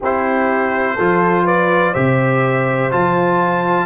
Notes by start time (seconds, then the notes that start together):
0.00 C4 E4 G4 C5
0.95 F3 F4 A4
1.44 B4 D5
1.92 C3 G4 C5 E5
2.91 F3 F4 A5